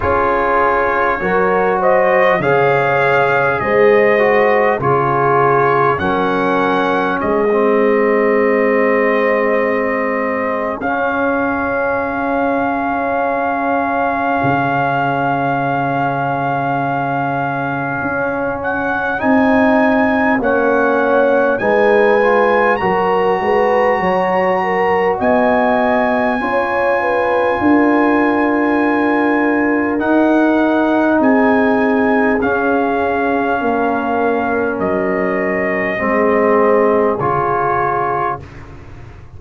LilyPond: <<
  \new Staff \with { instrumentName = "trumpet" } { \time 4/4 \tempo 4 = 50 cis''4. dis''8 f''4 dis''4 | cis''4 fis''4 dis''2~ | dis''4 f''2.~ | f''2.~ f''8 fis''8 |
gis''4 fis''4 gis''4 ais''4~ | ais''4 gis''2.~ | gis''4 fis''4 gis''4 f''4~ | f''4 dis''2 cis''4 | }
  \new Staff \with { instrumentName = "horn" } { \time 4/4 gis'4 ais'8 c''8 cis''4 c''4 | gis'4 ais'4 gis'2~ | gis'1~ | gis'1~ |
gis'4 cis''4 b'4 ais'8 b'8 | cis''8 ais'8 dis''4 cis''8 b'8 ais'4~ | ais'2 gis'2 | ais'2 gis'2 | }
  \new Staff \with { instrumentName = "trombone" } { \time 4/4 f'4 fis'4 gis'4. fis'8 | f'4 cis'4~ cis'16 c'4.~ c'16~ | c'4 cis'2.~ | cis'1 |
dis'4 cis'4 dis'8 f'8 fis'4~ | fis'2 f'2~ | f'4 dis'2 cis'4~ | cis'2 c'4 f'4 | }
  \new Staff \with { instrumentName = "tuba" } { \time 4/4 cis'4 fis4 cis4 gis4 | cis4 fis4 gis2~ | gis4 cis'2. | cis2. cis'4 |
c'4 ais4 gis4 fis8 gis8 | fis4 b4 cis'4 d'4~ | d'4 dis'4 c'4 cis'4 | ais4 fis4 gis4 cis4 | }
>>